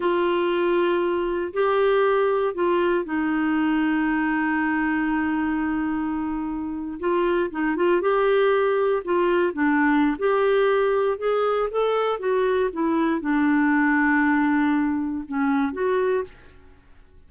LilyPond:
\new Staff \with { instrumentName = "clarinet" } { \time 4/4 \tempo 4 = 118 f'2. g'4~ | g'4 f'4 dis'2~ | dis'1~ | dis'4.~ dis'16 f'4 dis'8 f'8 g'16~ |
g'4.~ g'16 f'4 d'4~ d'16 | g'2 gis'4 a'4 | fis'4 e'4 d'2~ | d'2 cis'4 fis'4 | }